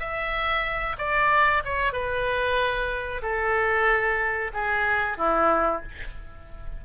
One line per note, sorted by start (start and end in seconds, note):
0.00 0.97 E5
0.99 1.63 D5
1.65 1.93 C#5
1.93 3.22 B4
3.23 4.52 A4
4.54 5.18 G#4
5.18 5.82 E4